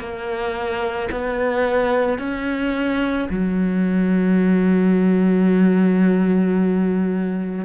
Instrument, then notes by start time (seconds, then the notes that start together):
cello
0.00 A#3
1.12 B3
2.19 C#4
3.30 F#3